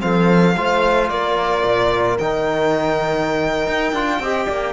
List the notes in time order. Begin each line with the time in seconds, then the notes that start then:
0.00 F3 C4 A4 F5
0.57 A3 F4 C5
1.10 A#3 A#4 D5
1.64 A#2
2.19 D#3 D#4 G5
3.67 D#4
3.93 D4 F4
4.20 C4 G4 D#5
4.47 A#3 D5